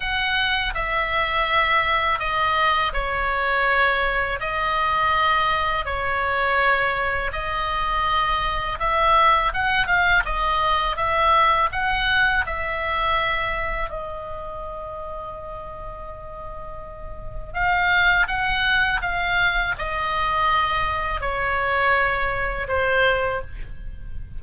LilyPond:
\new Staff \with { instrumentName = "oboe" } { \time 4/4 \tempo 4 = 82 fis''4 e''2 dis''4 | cis''2 dis''2 | cis''2 dis''2 | e''4 fis''8 f''8 dis''4 e''4 |
fis''4 e''2 dis''4~ | dis''1 | f''4 fis''4 f''4 dis''4~ | dis''4 cis''2 c''4 | }